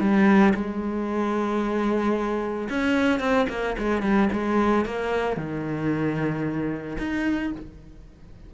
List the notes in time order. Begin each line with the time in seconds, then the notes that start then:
0.00 G3
0.55 G#3
2.70 C#4
3.20 C4
3.49 A#3
3.79 G#3
4.02 G3
4.33 G#3
4.86 A#3
5.37 D#3
6.98 D#4